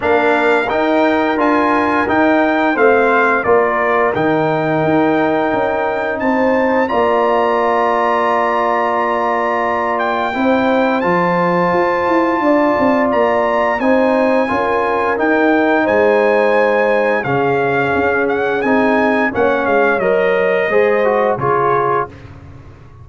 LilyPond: <<
  \new Staff \with { instrumentName = "trumpet" } { \time 4/4 \tempo 4 = 87 f''4 g''4 gis''4 g''4 | f''4 d''4 g''2~ | g''4 a''4 ais''2~ | ais''2~ ais''8 g''4. |
a''2. ais''4 | gis''2 g''4 gis''4~ | gis''4 f''4. fis''8 gis''4 | fis''8 f''8 dis''2 cis''4 | }
  \new Staff \with { instrumentName = "horn" } { \time 4/4 ais'1 | c''4 ais'2.~ | ais'4 c''4 d''2~ | d''2. c''4~ |
c''2 d''2 | c''4 ais'2 c''4~ | c''4 gis'2. | cis''2 c''4 gis'4 | }
  \new Staff \with { instrumentName = "trombone" } { \time 4/4 d'4 dis'4 f'4 dis'4 | c'4 f'4 dis'2~ | dis'2 f'2~ | f'2. e'4 |
f'1 | dis'4 f'4 dis'2~ | dis'4 cis'2 dis'4 | cis'4 ais'4 gis'8 fis'8 f'4 | }
  \new Staff \with { instrumentName = "tuba" } { \time 4/4 ais4 dis'4 d'4 dis'4 | a4 ais4 dis4 dis'4 | cis'4 c'4 ais2~ | ais2. c'4 |
f4 f'8 e'8 d'8 c'8 ais4 | c'4 cis'4 dis'4 gis4~ | gis4 cis4 cis'4 c'4 | ais8 gis8 fis4 gis4 cis4 | }
>>